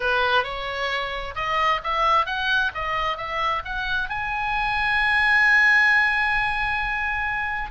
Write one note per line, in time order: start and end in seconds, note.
0.00 0.43 B4
0.43 1.34 C#5
1.35 1.80 D#5
1.83 2.26 E5
2.26 2.71 F#5
2.74 3.17 D#5
3.17 3.62 E5
3.65 4.09 F#5
4.09 7.70 G#5